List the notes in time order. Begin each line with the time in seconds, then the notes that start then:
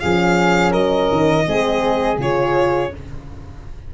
0.00 F3 C#4 G#4 F5
0.71 F#3 A#4 D#5
1.11 D#3
1.46 G#3 C4 G#4
2.18 C#3 F4 C#5